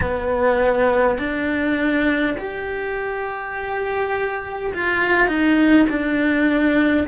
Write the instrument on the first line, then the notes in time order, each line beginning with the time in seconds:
cello
0.00 B3
1.18 D4
2.37 G4
4.74 F4
5.27 D#4
5.89 D4